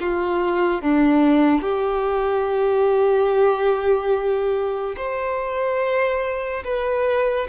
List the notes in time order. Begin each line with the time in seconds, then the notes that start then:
0.00 F4
0.82 D4
1.62 G4
4.97 C5
6.64 B4